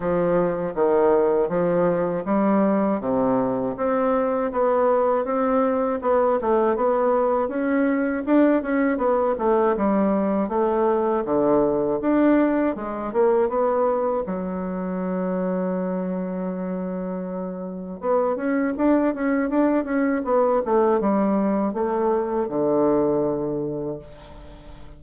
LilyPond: \new Staff \with { instrumentName = "bassoon" } { \time 4/4 \tempo 4 = 80 f4 dis4 f4 g4 | c4 c'4 b4 c'4 | b8 a8 b4 cis'4 d'8 cis'8 | b8 a8 g4 a4 d4 |
d'4 gis8 ais8 b4 fis4~ | fis1 | b8 cis'8 d'8 cis'8 d'8 cis'8 b8 a8 | g4 a4 d2 | }